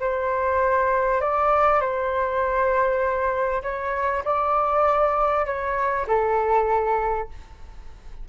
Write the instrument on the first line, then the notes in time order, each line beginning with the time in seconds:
flute
0.00 C5
1.21 D5
1.80 C5
3.63 C#5
4.25 D5
5.46 C#5
6.07 A4